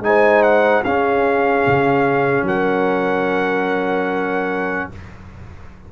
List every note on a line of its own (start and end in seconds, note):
0.00 0.81 G#3
0.00 0.84 D#4
0.00 0.42 G#5
0.06 0.83 C5
0.42 0.83 F#5
0.83 1.65 C#4
0.83 4.92 C#4
0.83 2.46 G#4
0.83 2.46 F5
1.66 2.42 C#3
2.42 4.85 F#3
2.42 4.89 A#4
2.42 4.90 F#5